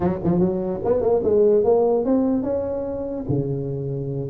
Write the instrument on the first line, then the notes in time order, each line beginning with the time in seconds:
tuba
0.00 F#3
0.23 F3
0.39 F#3
0.84 B3
1.01 A#3
1.23 G#3
1.64 A#3
2.05 C4
2.42 C#4
3.29 C#3